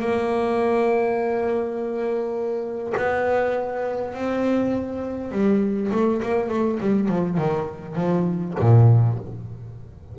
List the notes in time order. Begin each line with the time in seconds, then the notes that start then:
0.00 A#3
2.98 B3
4.15 C4
5.32 G3
5.92 A3
6.23 A#3
6.49 A3
6.81 G3
7.09 F3
7.38 D#3
7.96 F3
8.60 A#2